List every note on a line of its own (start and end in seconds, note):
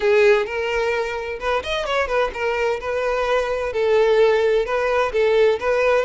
0.00 0.46 G#4
0.46 1.39 A#4
1.39 1.62 B4
1.63 1.85 D#5
1.85 2.07 C#5
2.07 2.30 B4
2.33 2.80 A#4
2.80 3.72 B4
3.72 4.65 A4
4.65 5.12 B4
5.12 5.59 A4
5.59 6.05 B4